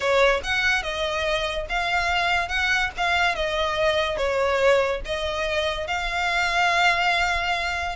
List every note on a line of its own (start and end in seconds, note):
0.00 0.40 C#5
0.43 0.82 F#5
0.82 1.66 D#5
1.69 2.48 F5
2.48 2.90 F#5
2.97 3.35 F5
3.35 4.17 D#5
4.17 5.00 C#5
5.05 5.87 D#5
5.87 7.95 F5